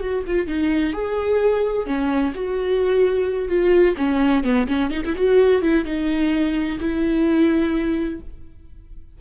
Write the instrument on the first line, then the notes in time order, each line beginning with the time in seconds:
viola
0.00 F#4
0.26 F4
0.47 D#4
0.92 G#4
1.86 C#4
2.34 F#4
3.48 F4
3.97 C#4
4.43 B3
4.67 C#4
4.90 D#4
5.05 E4
5.15 F#4
5.62 E4
5.85 D#4
6.79 E4